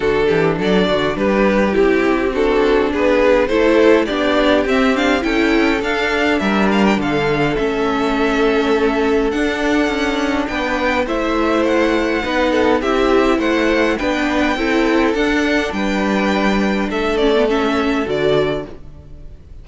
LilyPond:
<<
  \new Staff \with { instrumentName = "violin" } { \time 4/4 \tempo 4 = 103 a'4 d''4 b'4 g'4 | a'4 b'4 c''4 d''4 | e''8 f''8 g''4 f''4 e''8 f''16 g''16 | f''4 e''2. |
fis''2 g''4 e''4 | fis''2 e''4 fis''4 | g''2 fis''4 g''4~ | g''4 e''8 d''8 e''4 d''4 | }
  \new Staff \with { instrumentName = "violin" } { \time 4/4 fis'8 g'8 a'8 fis'8 g'2 | fis'4 gis'4 a'4 g'4~ | g'4 a'2 ais'4 | a'1~ |
a'2 b'4 c''4~ | c''4 b'8 a'8 g'4 c''4 | b'4 a'2 b'4~ | b'4 a'2. | }
  \new Staff \with { instrumentName = "viola" } { \time 4/4 d'2. e'4 | d'2 e'4 d'4 | c'8 d'8 e'4 d'2~ | d'4 cis'2. |
d'2. e'4~ | e'4 dis'4 e'2 | d'4 e'4 d'2~ | d'4. cis'16 b16 cis'4 fis'4 | }
  \new Staff \with { instrumentName = "cello" } { \time 4/4 d8 e8 fis8 d8 g4 c'4~ | c'4 b4 a4 b4 | c'4 cis'4 d'4 g4 | d4 a2. |
d'4 cis'4 b4 a4~ | a4 b4 c'4 a4 | b4 c'4 d'4 g4~ | g4 a2 d4 | }
>>